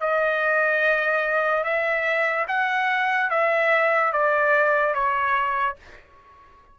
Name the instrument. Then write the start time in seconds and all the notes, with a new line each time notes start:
trumpet
0.00 D#5
1.64 E5
2.48 F#5
3.30 E5
4.12 D5
4.94 C#5